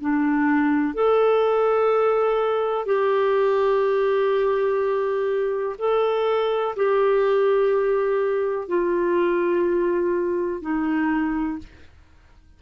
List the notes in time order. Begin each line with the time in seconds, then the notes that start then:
0.00 D4
0.94 A4
2.85 G4
5.78 A4
6.76 G4
8.68 F4
10.62 D#4